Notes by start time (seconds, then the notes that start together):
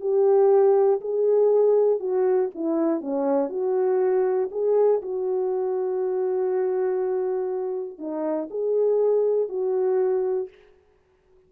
0.00 G4
1.00 G#4
1.99 F#4
2.54 E4
3.00 C#4
3.49 F#4
4.51 G#4
5.02 F#4
7.98 D#4
8.50 G#4
9.48 F#4